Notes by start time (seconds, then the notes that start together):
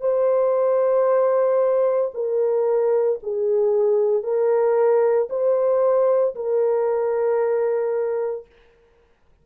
0.00 C5
2.13 A#4
3.22 G#4
4.23 A#4
5.29 C5
6.35 A#4